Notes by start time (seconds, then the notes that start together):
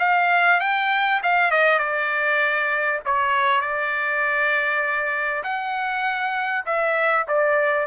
0.00 F5
0.61 G5
1.23 F5
1.52 D#5
1.79 D5
3.06 C#5
3.62 D5
5.44 F#5
6.66 E5
7.28 D5